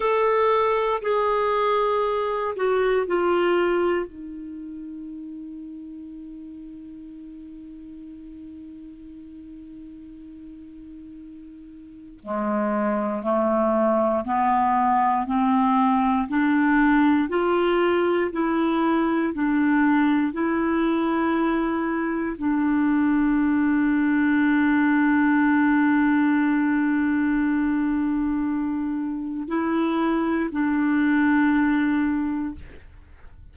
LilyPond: \new Staff \with { instrumentName = "clarinet" } { \time 4/4 \tempo 4 = 59 a'4 gis'4. fis'8 f'4 | dis'1~ | dis'1 | gis4 a4 b4 c'4 |
d'4 f'4 e'4 d'4 | e'2 d'2~ | d'1~ | d'4 e'4 d'2 | }